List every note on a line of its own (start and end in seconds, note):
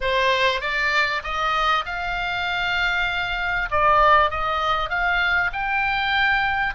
0.01 0.61 C5
0.61 1.22 D5
1.23 1.84 D#5
1.85 3.69 F5
3.70 4.30 D5
4.30 4.89 D#5
4.89 5.50 F5
5.52 6.74 G5